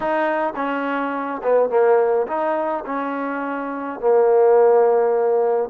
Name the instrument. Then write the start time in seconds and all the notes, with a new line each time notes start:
trombone
0.00 D#4
0.55 C#4
1.42 B3
1.69 A#3
2.27 D#4
2.85 C#4
3.99 A#3